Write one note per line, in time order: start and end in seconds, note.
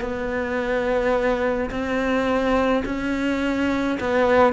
0.00 1.70 B3
1.70 2.83 C4
2.85 3.98 C#4
4.00 4.53 B3